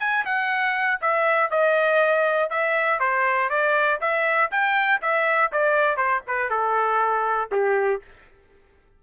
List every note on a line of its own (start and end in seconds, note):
0.00 0.25 G#5
0.26 1.01 F#5
1.02 1.51 E5
1.51 2.50 D#5
2.50 3.00 E5
3.00 3.50 C5
3.50 4.00 D5
4.01 4.51 E5
4.51 5.01 G5
5.02 5.52 E5
5.52 5.97 D5
5.97 6.22 C5
6.27 6.50 B4
6.50 7.50 A4
7.52 8.02 G4